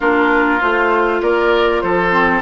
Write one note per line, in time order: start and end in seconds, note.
0.00 0.61 A#3
0.00 0.60 D4
0.00 1.21 F4
0.00 0.60 A#4
0.60 1.21 A3
0.60 2.11 F4
0.60 1.21 C5
1.21 1.82 A#3
1.21 1.82 A#4
1.21 1.81 D5
1.81 2.41 F3
1.81 2.41 A4
1.81 2.41 C5
2.11 2.41 C4